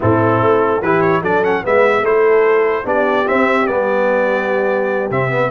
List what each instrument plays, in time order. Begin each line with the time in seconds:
0.00 tuba A2, trombone C4, horn E4, trumpet A4
0.40 tuba A3
0.81 tuba E3, trombone E4, horn G4, trumpet B4
1.01 trumpet C#5
1.21 tuba F#3, trombone D4, horn A4, trumpet D5
1.43 trombone C#4, trumpet F#5
1.63 tuba G#3, trombone B3, horn B4, trumpet E5
2.01 tuba A3, trombone E4, horn A4, trumpet C5
2.84 tuba B3, trombone D4, horn G4, trumpet D5
3.26 trombone C4, tuba C4, trumpet E5
3.67 tuba G3, trombone B3, trumpet D5
5.10 tuba C3, trombone C4, trumpet E5
5.30 trombone B3